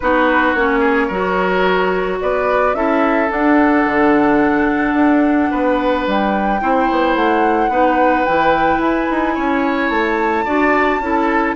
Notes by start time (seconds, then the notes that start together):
0.00 B3 D#4 F#4 B4
0.54 A#3 C#4 C#5
0.79 G#4
1.07 F#3 F#4 A#4
2.20 B3 B4 D5
2.74 C#4 E4 A4 E5
3.28 D4 F#5
3.85 D3
4.93 D4
5.50 B3 B4
6.06 G3 G5
6.61 C4 E4 C5
6.90 B3
7.15 A3 F#5
7.68 B3 D#4 B4
8.24 E3 E4 G5
8.78 E4 G#5
9.10 D#4
9.34 C#4 C#5
9.89 A3 A5
10.44 D4 F#4 D5
10.99 C#4 E4 A4